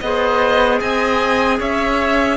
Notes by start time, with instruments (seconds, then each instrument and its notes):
0.00 cello B3, clarinet G#4, oboe C5, violin D#5
0.80 cello C4, oboe D#5, violin G#5
1.58 cello C#4, oboe C#5, violin E5